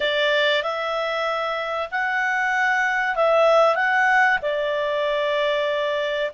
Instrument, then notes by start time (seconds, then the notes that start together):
clarinet
0.00 D5
0.62 E5
1.91 F#5
3.15 E5
3.75 F#5
4.42 D5